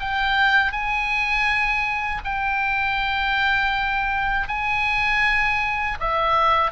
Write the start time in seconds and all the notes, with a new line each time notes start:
0.00 G5
0.72 G#5
2.24 G5
4.48 G#5
6.00 E5